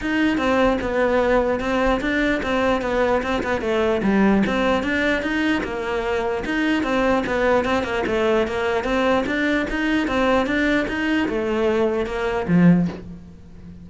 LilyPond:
\new Staff \with { instrumentName = "cello" } { \time 4/4 \tempo 4 = 149 dis'4 c'4 b2 | c'4 d'4 c'4 b4 | c'8 b8 a4 g4 c'4 | d'4 dis'4 ais2 |
dis'4 c'4 b4 c'8 ais8 | a4 ais4 c'4 d'4 | dis'4 c'4 d'4 dis'4 | a2 ais4 f4 | }